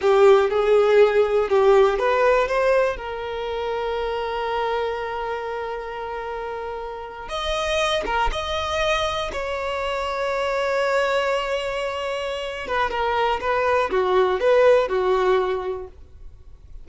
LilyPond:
\new Staff \with { instrumentName = "violin" } { \time 4/4 \tempo 4 = 121 g'4 gis'2 g'4 | b'4 c''4 ais'2~ | ais'1~ | ais'2~ ais'8. dis''4~ dis''16~ |
dis''16 ais'8 dis''2 cis''4~ cis''16~ | cis''1~ | cis''4. b'8 ais'4 b'4 | fis'4 b'4 fis'2 | }